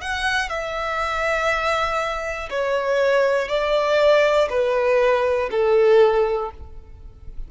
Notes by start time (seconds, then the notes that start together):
0.00 F#5
0.49 E5
2.50 C#5
3.48 D5
4.49 B4
5.50 A4